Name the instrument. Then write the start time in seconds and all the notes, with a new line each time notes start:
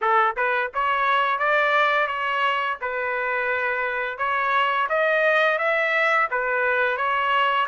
trumpet
0.01 A4
0.36 B4
0.73 C#5
1.38 D5
2.07 C#5
2.81 B4
4.17 C#5
4.89 D#5
5.58 E5
6.30 B4
6.97 C#5